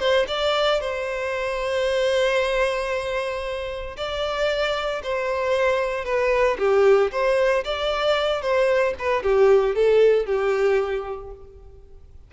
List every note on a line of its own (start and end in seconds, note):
0.00 0.26 C5
0.28 0.81 D5
0.81 3.97 C5
3.97 5.02 D5
5.04 6.05 C5
6.05 6.58 B4
6.59 7.11 G4
7.12 7.65 C5
7.65 8.42 D5
8.42 8.94 C5
8.99 9.23 B4
9.23 9.76 G4
9.76 10.26 A4
10.26 11.32 G4